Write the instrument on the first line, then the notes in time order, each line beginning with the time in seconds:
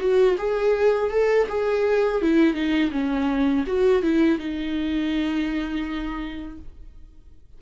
viola
0.00 F#4
0.38 G#4
1.11 A4
1.49 G#4
2.22 E4
2.54 D#4
2.91 C#4
3.67 F#4
4.03 E4
4.39 D#4